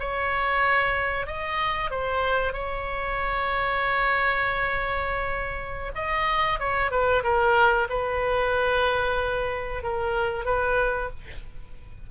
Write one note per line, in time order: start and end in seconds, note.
0.00 1.27 C#5
1.27 1.91 D#5
1.91 2.54 C5
2.54 5.92 C#5
5.95 6.60 D#5
6.60 6.91 C#5
6.91 7.23 B4
7.24 7.88 A#4
7.90 9.83 B4
9.83 10.45 A#4
10.45 11.10 B4